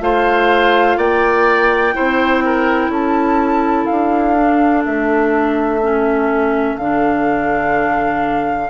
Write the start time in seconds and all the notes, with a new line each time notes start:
0.00 A3 F4 C5 F5
0.97 A#3 D5 G5
1.93 C4 E4 C5
2.45 A#4
2.89 C#4 A4 A5
3.86 D4 F5
4.34 D4
4.85 A3 E5
5.82 C#4
6.77 D3 D4 F5